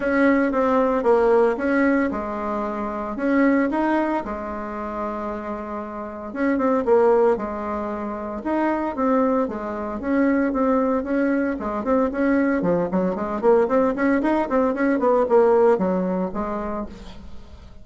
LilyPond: \new Staff \with { instrumentName = "bassoon" } { \time 4/4 \tempo 4 = 114 cis'4 c'4 ais4 cis'4 | gis2 cis'4 dis'4 | gis1 | cis'8 c'8 ais4 gis2 |
dis'4 c'4 gis4 cis'4 | c'4 cis'4 gis8 c'8 cis'4 | f8 fis8 gis8 ais8 c'8 cis'8 dis'8 c'8 | cis'8 b8 ais4 fis4 gis4 | }